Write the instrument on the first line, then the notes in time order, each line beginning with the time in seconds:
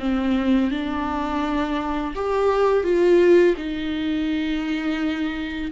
viola
0.00 C4
0.71 D4
2.16 G4
2.84 F4
3.57 D#4